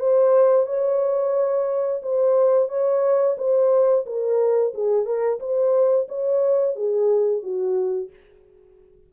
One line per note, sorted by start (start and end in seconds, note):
0.00 0.67 C5
0.67 2.02 C#5
2.03 2.69 C5
2.69 3.36 C#5
3.38 4.05 C5
4.06 4.73 A#4
4.74 5.06 G#4
5.06 5.39 A#4
5.40 6.07 C5
6.09 6.76 C#5
6.76 7.43 G#4
7.43 8.10 F#4